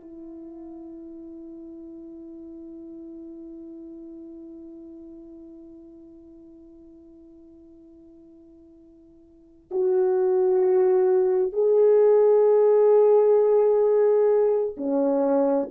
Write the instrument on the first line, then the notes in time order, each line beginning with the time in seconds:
horn
0.00 E4
9.71 F#4
11.53 G#4
14.77 C#4